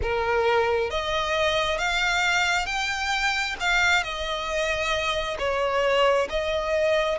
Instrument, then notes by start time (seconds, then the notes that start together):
violin
0.02 A#4
0.90 D#5
1.78 F5
2.65 G5
3.59 F5
4.03 D#5
5.38 C#5
6.29 D#5